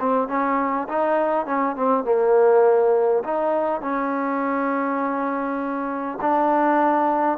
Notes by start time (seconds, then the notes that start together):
0.00 C4
0.29 C#4
0.89 D#4
1.47 C#4
1.77 C4
2.05 A#3
3.25 D#4
3.82 C#4
6.22 D4